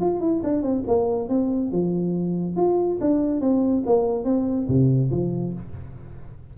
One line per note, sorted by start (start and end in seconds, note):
0.00 0.20 F4
0.20 0.41 E4
0.43 0.62 D4
0.62 0.83 C4
0.87 1.29 A#3
1.29 1.71 C4
1.71 2.56 F3
2.56 2.98 F4
3.01 3.40 D4
3.40 3.83 C4
3.86 4.24 A#3
4.24 4.67 C4
4.68 5.10 C3
5.10 5.53 F3